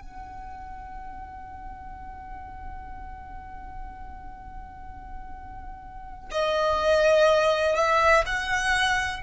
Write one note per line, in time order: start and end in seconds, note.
0.00 6.29 F#5
6.31 7.76 D#5
7.76 8.24 E5
8.26 9.22 F#5